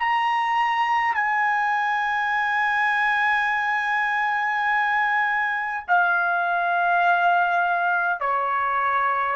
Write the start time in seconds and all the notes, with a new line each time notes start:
0.00 A#5
1.14 G#5
5.88 F5
8.21 C#5